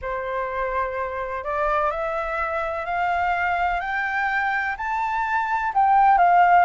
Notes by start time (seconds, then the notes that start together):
0.01 C5
1.44 D5
1.90 E5
2.85 F5
3.80 G5
4.77 A5
5.74 G5
6.17 F5